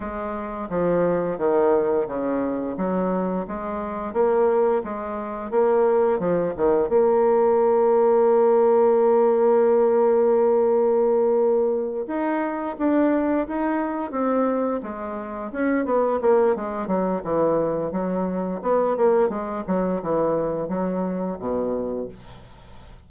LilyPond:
\new Staff \with { instrumentName = "bassoon" } { \time 4/4 \tempo 4 = 87 gis4 f4 dis4 cis4 | fis4 gis4 ais4 gis4 | ais4 f8 dis8 ais2~ | ais1~ |
ais4. dis'4 d'4 dis'8~ | dis'8 c'4 gis4 cis'8 b8 ais8 | gis8 fis8 e4 fis4 b8 ais8 | gis8 fis8 e4 fis4 b,4 | }